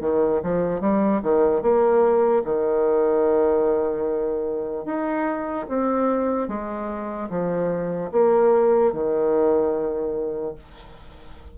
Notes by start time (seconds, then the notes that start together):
0.00 D#3
0.43 F3
0.80 G3
1.22 D#3
1.62 A#3
2.44 D#3
4.85 D#4
5.68 C4
6.48 G#3
7.29 F3
8.12 A#3
8.93 D#3